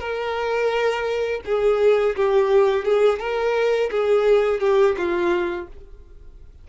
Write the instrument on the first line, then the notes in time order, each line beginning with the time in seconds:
violin
0.00 A#4
1.45 G#4
2.16 G4
2.85 G#4
3.20 A#4
3.91 G#4
4.60 G4
4.97 F4